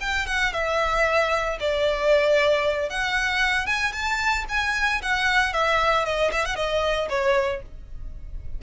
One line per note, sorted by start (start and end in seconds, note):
0.00 0.26 G5
0.26 0.52 F#5
0.53 1.58 E5
1.60 2.89 D5
2.89 3.66 F#5
3.66 3.92 G#5
3.92 4.45 A5
4.49 5.01 G#5
5.02 5.53 F#5
5.53 6.05 E5
6.05 6.31 D#5
6.32 6.45 E5
6.45 6.56 F#5
6.56 7.08 D#5
7.09 7.62 C#5